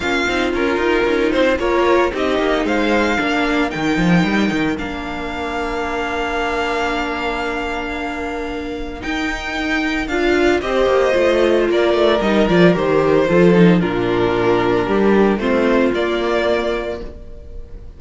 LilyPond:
<<
  \new Staff \with { instrumentName = "violin" } { \time 4/4 \tempo 4 = 113 f''4 ais'4. c''8 cis''4 | dis''4 f''2 g''4~ | g''4 f''2.~ | f''1~ |
f''4 g''2 f''4 | dis''2 d''4 dis''8 d''8 | c''2 ais'2~ | ais'4 c''4 d''2 | }
  \new Staff \with { instrumentName = "violin" } { \time 4/4 f'2. ais'4 | g'4 c''4 ais'2~ | ais'1~ | ais'1~ |
ais'1 | c''2 ais'2~ | ais'4 a'4 f'2 | g'4 f'2. | }
  \new Staff \with { instrumentName = "viola" } { \time 4/4 cis'8 dis'8 f'4 dis'4 f'4 | dis'2 d'4 dis'4~ | dis'4 d'2.~ | d'1~ |
d'4 dis'2 f'4 | g'4 f'2 dis'8 f'8 | g'4 f'8 dis'8 d'2~ | d'4 c'4 ais2 | }
  \new Staff \with { instrumentName = "cello" } { \time 4/4 ais8 c'8 cis'8 dis'8 cis'8 c'8 ais4 | c'8 ais8 gis4 ais4 dis8 f8 | g8 dis8 ais2.~ | ais1~ |
ais4 dis'2 d'4 | c'8 ais8 a4 ais8 a8 g8 f8 | dis4 f4 ais,2 | g4 a4 ais2 | }
>>